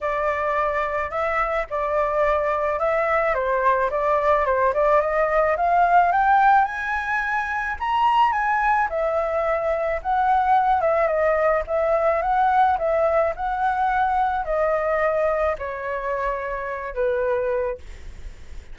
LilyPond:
\new Staff \with { instrumentName = "flute" } { \time 4/4 \tempo 4 = 108 d''2 e''4 d''4~ | d''4 e''4 c''4 d''4 | c''8 d''8 dis''4 f''4 g''4 | gis''2 ais''4 gis''4 |
e''2 fis''4. e''8 | dis''4 e''4 fis''4 e''4 | fis''2 dis''2 | cis''2~ cis''8 b'4. | }